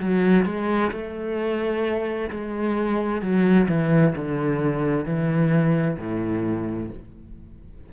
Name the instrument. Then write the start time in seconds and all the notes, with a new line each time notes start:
cello
0.00 F#3
0.45 G#3
0.91 A3
2.30 G#3
3.21 F#3
3.69 E3
4.15 D3
5.05 E3
5.98 A2